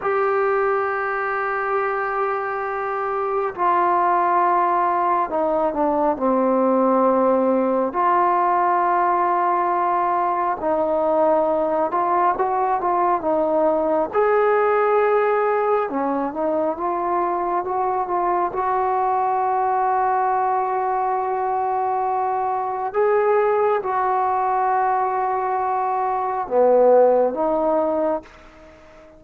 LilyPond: \new Staff \with { instrumentName = "trombone" } { \time 4/4 \tempo 4 = 68 g'1 | f'2 dis'8 d'8 c'4~ | c'4 f'2. | dis'4. f'8 fis'8 f'8 dis'4 |
gis'2 cis'8 dis'8 f'4 | fis'8 f'8 fis'2.~ | fis'2 gis'4 fis'4~ | fis'2 b4 dis'4 | }